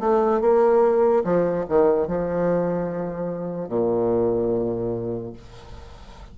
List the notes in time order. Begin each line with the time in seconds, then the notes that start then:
0.00 A3
0.41 A#3
1.24 F3
1.68 D#3
2.07 F3
3.69 A#2